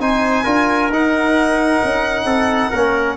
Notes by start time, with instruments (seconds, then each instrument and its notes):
0.00 tuba C4, trombone D#4, trumpet C5, violin G#5
0.44 tuba D4, trombone F4, trumpet A#4
0.90 tuba D#4, trombone D#4, violin F#5
1.84 tuba C#4
2.25 tuba C4, trumpet A4
2.70 tuba A#3, trombone C#4, trumpet A#4